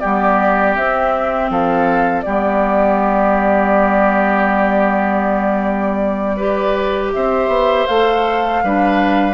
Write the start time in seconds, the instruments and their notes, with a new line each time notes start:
0.00 bassoon G3, clarinet B3, oboe G4, flute D5
0.75 clarinet C4, bassoon C4, flute E5
1.50 bassoon F3, oboe A4, flute F5
2.22 bassoon G3, clarinet B3, oboe G4, flute D5
6.37 clarinet G4, oboe B4
7.14 bassoon C4, oboe C5, flute E5
7.48 bassoon B3
7.87 bassoon A3, clarinet A4, flute F5
8.64 bassoon G3, clarinet D4, oboe B4